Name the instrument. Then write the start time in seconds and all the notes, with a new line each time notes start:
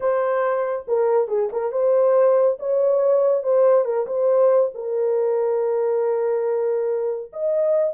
horn
0.00 C5
0.87 A#4
1.28 G#4
1.52 A#4
1.72 C5
2.59 C#5
3.43 C5
3.85 A#4
4.06 C5
4.74 A#4
7.32 D#5